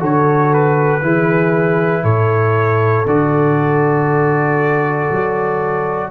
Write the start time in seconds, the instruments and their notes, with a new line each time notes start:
0.00 tuba D3, trombone F#4, horn A4, trumpet C#5
0.54 trumpet B4
1.02 tuba E3, trombone E4, horn G#4
2.03 tuba A2, horn A4, trumpet C#5
3.07 tuba D3, trombone F#4, trumpet D5
5.11 tuba F#3